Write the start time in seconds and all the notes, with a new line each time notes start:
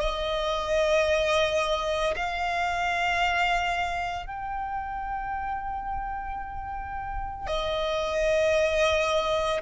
0.00 D#5
2.16 F5
4.26 G5
7.47 D#5